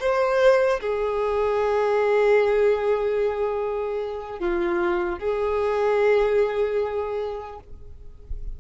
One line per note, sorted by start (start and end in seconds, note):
0.00 0.80 C5
0.80 4.39 G#4
4.39 5.19 F4
5.19 7.59 G#4